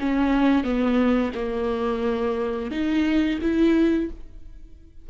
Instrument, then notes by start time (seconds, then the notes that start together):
viola
0.00 C#4
0.64 B3
1.35 A#3
2.71 D#4
3.42 E4